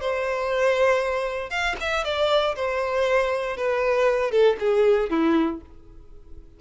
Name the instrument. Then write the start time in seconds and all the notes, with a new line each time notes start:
violin
0.00 C5
1.50 F5
1.80 E5
2.04 D5
2.55 C5
3.56 B4
4.31 A4
4.59 G#4
5.10 E4